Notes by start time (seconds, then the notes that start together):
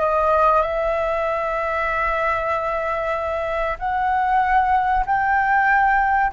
0.00 D#5
0.62 E5
3.79 F#5
5.06 G5